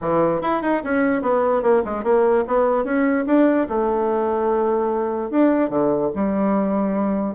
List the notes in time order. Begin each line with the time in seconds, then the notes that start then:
0.01 E3
0.41 E4
0.62 D#4
0.83 C#4
1.22 B3
1.62 A#3
1.84 G#3
2.03 A#3
2.47 B3
2.84 C#4
3.26 D4
3.68 A3
5.30 D4
5.69 D3
6.15 G3